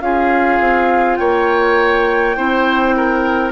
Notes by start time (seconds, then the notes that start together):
0.00 C#4 F4 G#4 F5
0.60 C4
1.16 A#3 C#5 G5
2.36 C4 E4 C5
2.97 A#4